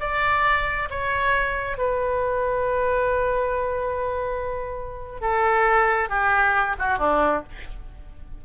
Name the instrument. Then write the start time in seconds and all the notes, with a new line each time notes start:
oboe
0.00 D5
0.90 C#5
1.78 B4
5.21 A4
6.09 G4
6.79 F#4
6.98 D4